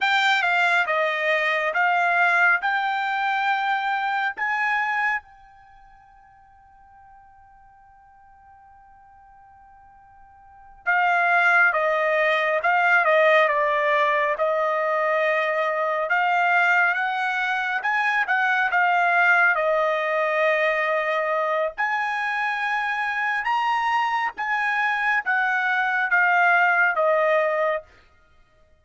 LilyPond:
\new Staff \with { instrumentName = "trumpet" } { \time 4/4 \tempo 4 = 69 g''8 f''8 dis''4 f''4 g''4~ | g''4 gis''4 g''2~ | g''1~ | g''8 f''4 dis''4 f''8 dis''8 d''8~ |
d''8 dis''2 f''4 fis''8~ | fis''8 gis''8 fis''8 f''4 dis''4.~ | dis''4 gis''2 ais''4 | gis''4 fis''4 f''4 dis''4 | }